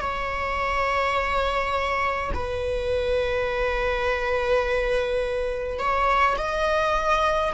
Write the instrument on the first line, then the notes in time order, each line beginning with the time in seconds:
viola
0.00 C#5
2.34 B4
5.79 C#5
6.37 D#5